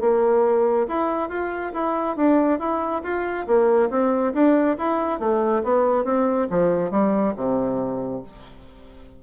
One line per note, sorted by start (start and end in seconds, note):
0.00 0.86 A#3
0.88 1.29 E4
1.29 1.72 F4
1.73 2.16 E4
2.16 2.59 D4
2.59 3.02 E4
3.03 3.46 F4
3.46 3.89 A#3
3.90 4.33 C4
4.33 4.76 D4
4.77 5.19 E4
5.19 5.62 A3
5.63 6.04 B3
6.04 6.47 C4
6.50 6.90 F3
6.90 7.34 G3
7.36 8.22 C3